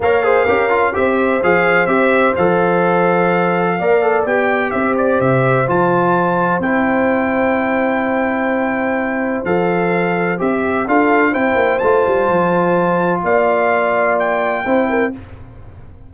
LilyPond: <<
  \new Staff \with { instrumentName = "trumpet" } { \time 4/4 \tempo 4 = 127 f''2 e''4 f''4 | e''4 f''2.~ | f''4 g''4 e''8 d''8 e''4 | a''2 g''2~ |
g''1 | f''2 e''4 f''4 | g''4 a''2. | f''2 g''2 | }
  \new Staff \with { instrumentName = "horn" } { \time 4/4 cis''8 c''8 ais'4 c''2~ | c''1 | d''2 c''2~ | c''1~ |
c''1~ | c''2. a'4 | c''1 | d''2. c''8 ais'8 | }
  \new Staff \with { instrumentName = "trombone" } { \time 4/4 ais'8 gis'8 g'8 f'8 g'4 gis'4 | g'4 a'2. | ais'8 a'8 g'2. | f'2 e'2~ |
e'1 | a'2 g'4 f'4 | e'4 f'2.~ | f'2. e'4 | }
  \new Staff \with { instrumentName = "tuba" } { \time 4/4 ais4 cis'4 c'4 f4 | c'4 f2. | ais4 b4 c'4 c4 | f2 c'2~ |
c'1 | f2 c'4 d'4 | c'8 ais8 a8 g8 f2 | ais2. c'4 | }
>>